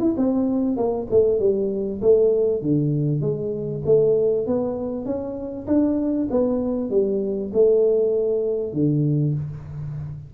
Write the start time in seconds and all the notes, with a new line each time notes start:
0.00 E4
0.17 C4
0.77 A#3
1.11 A3
1.39 G3
2.02 A3
2.62 D3
3.21 G#3
3.85 A3
4.47 B3
5.05 C#4
5.67 D4
6.31 B3
6.90 G3
7.54 A3
8.73 D3